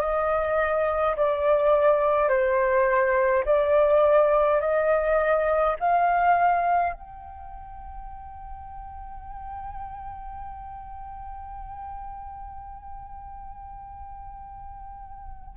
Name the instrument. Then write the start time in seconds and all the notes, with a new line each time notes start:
flute
0.00 D#5
1.16 D5
2.29 C5
3.45 D5
4.60 D#5
5.80 F5
6.93 G5